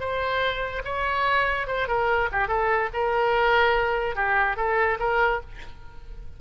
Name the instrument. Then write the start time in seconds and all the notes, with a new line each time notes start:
oboe
0.00 C5
0.85 C#5
1.68 C5
1.88 A#4
2.32 G4
2.48 A4
2.94 A#4
4.16 G4
4.57 A4
5.00 A#4